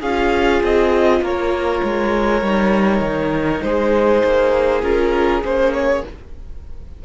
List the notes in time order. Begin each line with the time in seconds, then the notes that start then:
0.00 C#4 F4 G#4 F5
0.63 C4 D#5
1.21 A#3 A#4 C#5
1.83 G#3
2.42 G3 D#4
3.01 D#3
3.62 G#3 G#4 C5
4.24 A#3
4.83 C#4 F4 A#4
5.42 A#3 C#4 C5
5.74 C#5